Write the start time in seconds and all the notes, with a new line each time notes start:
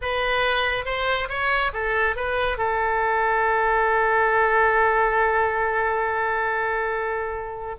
0.01 B4
0.85 C5
1.29 C#5
1.73 A4
2.16 B4
2.57 A4